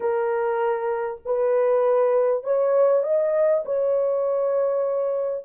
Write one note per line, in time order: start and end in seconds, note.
0.00 1.20 A#4
1.25 2.43 B4
2.43 3.03 C#5
3.03 3.63 D#5
3.65 5.45 C#5